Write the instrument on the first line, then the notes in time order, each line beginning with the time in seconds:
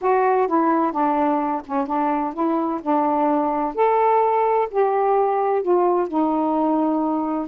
saxophone
0.01 F#4
0.47 E4
0.91 D4
1.66 C#4
1.86 D4
2.33 E4
2.81 D4
3.74 A4
4.70 G4
5.62 F4
6.08 D#4